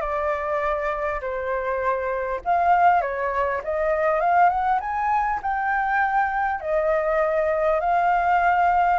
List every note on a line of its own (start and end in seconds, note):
0.00 1.20 D5
1.21 2.41 C5
2.44 3.01 F5
3.01 3.61 C#5
3.64 4.20 D#5
4.20 4.49 F5
4.49 4.79 F#5
4.80 5.40 G#5
5.42 6.60 G5
6.60 7.80 D#5
7.80 8.99 F5